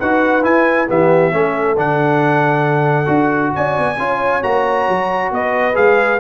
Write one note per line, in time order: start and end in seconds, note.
0.00 0.45 D#4
0.00 0.43 F#4
0.00 0.89 B4
0.00 0.45 F#5
0.43 0.87 E4
0.43 0.89 E4
0.43 0.89 G#5
0.89 1.34 E3
0.89 1.32 B3
0.89 1.34 G4
0.89 1.79 E5
1.32 1.78 A3
1.32 1.76 C#4
1.32 3.55 A4
1.78 3.08 D3
1.78 3.06 D4
1.78 3.56 F#5
3.06 3.53 D4
3.06 3.95 F#4
3.55 3.78 C#4
3.55 4.00 D5
3.55 4.43 G#5
3.78 3.99 B3
3.99 4.43 C#4
3.99 4.43 F4
3.99 5.34 C#5
4.43 4.89 A#3
4.43 5.74 F#4
4.43 5.32 A#5
4.89 5.31 F#3
5.31 5.76 B3
5.31 6.20 B4
5.31 5.76 D#5
5.74 6.20 G#3
5.74 6.19 G#4
5.74 6.20 F5